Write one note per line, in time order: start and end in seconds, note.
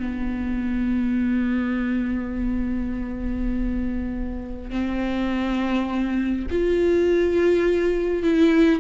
0.00 4.71 B3
4.71 6.47 C4
6.51 8.24 F4
8.24 8.80 E4